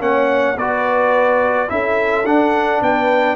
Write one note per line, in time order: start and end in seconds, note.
0.00 0.56 A#3
0.00 0.56 C#4
0.00 0.57 C#5
0.00 0.58 F#5
0.57 1.69 B3
0.57 1.68 F#4
0.57 1.69 B4
0.57 1.70 D5
1.68 2.25 C#4
1.68 2.24 E4
1.68 2.84 A4
1.68 2.26 E5
2.25 2.81 D4
2.25 3.36 D4
2.25 2.82 F#5
2.81 3.36 B3
2.81 3.36 B4
2.81 3.36 G5